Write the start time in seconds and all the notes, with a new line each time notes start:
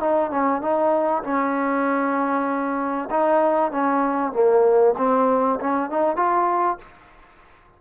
0.00 D#4
0.31 C#4
0.61 D#4
1.23 C#4
3.10 D#4
3.71 C#4
4.33 A#3
4.97 C4
5.60 C#4
5.90 D#4
6.16 F4